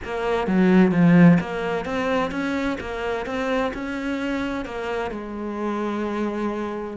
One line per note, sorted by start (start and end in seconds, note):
0.04 0.47 A#3
0.47 0.91 F#3
0.91 1.38 F3
1.40 1.85 A#3
1.85 2.31 C4
2.31 2.77 C#4
2.80 3.26 A#3
3.26 3.72 C4
3.73 4.65 C#4
4.65 5.10 A#3
5.10 6.96 G#3